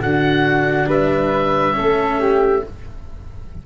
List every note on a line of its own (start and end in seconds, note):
0.00 0.87 D3
0.00 1.73 D4
0.00 0.88 F#4
0.00 0.89 F#5
0.88 1.75 G3
0.88 1.75 B4
0.88 2.64 E5
1.73 2.60 C#4
1.73 2.20 A4
1.80 2.66 A3
2.20 2.64 G4